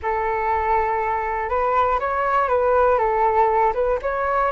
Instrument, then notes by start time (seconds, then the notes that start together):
flute
0.02 A4
1.49 B4
1.99 C#5
2.48 B4
2.98 A4
3.73 B4
4.02 C#5